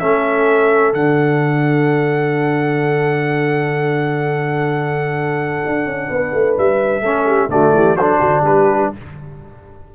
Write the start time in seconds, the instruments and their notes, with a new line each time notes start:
0.00 tuba A3, trombone C#4, horn A4, trumpet E5
0.94 tuba D3, trombone D4, trumpet F#5
5.66 tuba D4
5.86 tuba C#4
6.10 tuba B3, horn B4
6.34 tuba A3
6.58 tuba G3, trumpet E5
7.01 tuba A3, trombone C#4, horn A4
7.26 horn G4
7.49 tuba D3, trombone A3, horn F#4, trumpet D5
7.74 tuba E3, horn G4
7.95 tuba F#3, horn A4, trumpet C5
8.01 trombone D4
8.20 tuba D3, horn F#4
8.42 tuba G3, horn G4, trumpet B4